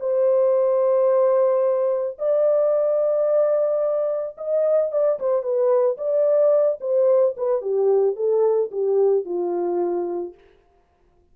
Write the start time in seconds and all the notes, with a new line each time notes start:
0.00 C5
2.19 D5
4.38 D#5
4.92 D5
5.20 C5
5.43 B4
5.98 D5
6.81 C5
7.37 B4
7.62 G4
8.16 A4
8.71 G4
9.25 F4